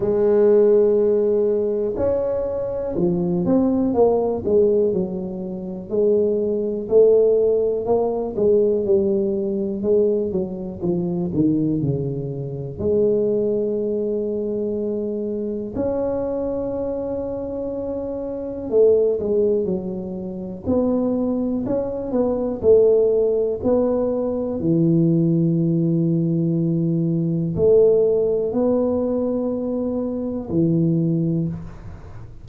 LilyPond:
\new Staff \with { instrumentName = "tuba" } { \time 4/4 \tempo 4 = 61 gis2 cis'4 f8 c'8 | ais8 gis8 fis4 gis4 a4 | ais8 gis8 g4 gis8 fis8 f8 dis8 | cis4 gis2. |
cis'2. a8 gis8 | fis4 b4 cis'8 b8 a4 | b4 e2. | a4 b2 e4 | }